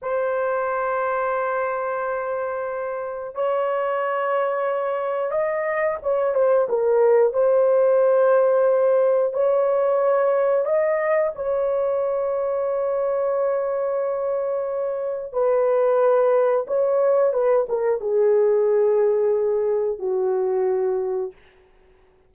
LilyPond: \new Staff \with { instrumentName = "horn" } { \time 4/4 \tempo 4 = 90 c''1~ | c''4 cis''2. | dis''4 cis''8 c''8 ais'4 c''4~ | c''2 cis''2 |
dis''4 cis''2.~ | cis''2. b'4~ | b'4 cis''4 b'8 ais'8 gis'4~ | gis'2 fis'2 | }